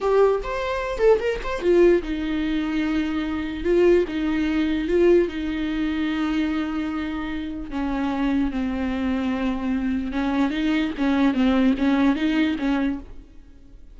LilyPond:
\new Staff \with { instrumentName = "viola" } { \time 4/4 \tempo 4 = 148 g'4 c''4. a'8 ais'8 c''8 | f'4 dis'2.~ | dis'4 f'4 dis'2 | f'4 dis'2.~ |
dis'2. cis'4~ | cis'4 c'2.~ | c'4 cis'4 dis'4 cis'4 | c'4 cis'4 dis'4 cis'4 | }